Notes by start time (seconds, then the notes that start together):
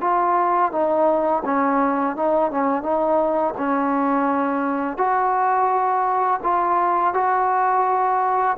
0.00 F4
0.71 D#4
1.44 C#4
2.16 D#4
2.51 C#4
2.82 D#4
3.57 C#4
4.97 F#4
6.43 F4
7.14 F#4